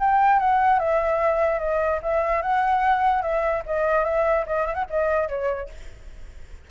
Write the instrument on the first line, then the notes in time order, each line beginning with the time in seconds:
flute
0.00 G5
0.40 F#5
0.80 E5
1.60 D#5
2.03 E5
2.42 F#5
3.22 E5
3.67 D#5
4.05 E5
4.47 D#5
4.67 E5
4.75 F#5
4.91 D#5
5.29 C#5